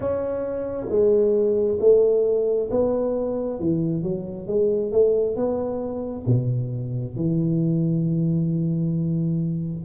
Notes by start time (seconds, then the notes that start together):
0.00 C#4
0.89 G#3
1.80 A3
2.71 B3
3.59 E3
4.03 F#3
4.47 G#3
4.92 A3
5.35 B3
6.26 B2
7.16 E3